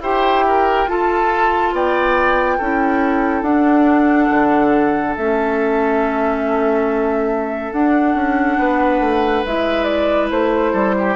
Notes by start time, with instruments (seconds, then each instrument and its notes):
0.00 bassoon E4, clarinet G4, oboe C5, flute G5
0.47 oboe A#4
0.85 bassoon F4, clarinet F4, oboe A4, flute A5
1.72 bassoon B3, oboe D5, flute G5
2.57 bassoon C#4, clarinet E4, oboe A4
3.41 bassoon D4, clarinet D4, flute F#5
4.30 bassoon D3
5.16 bassoon A3, clarinet C#4, flute E5
7.72 bassoon D4, clarinet D4, flute F#5
8.14 bassoon C#4
8.58 bassoon B3, oboe B4
9.00 bassoon A3
9.45 bassoon G#3, clarinet E4, flute E5
9.84 flute D5
10.30 bassoon A3, flute C5
10.72 bassoon G3, oboe A4
10.98 oboe G4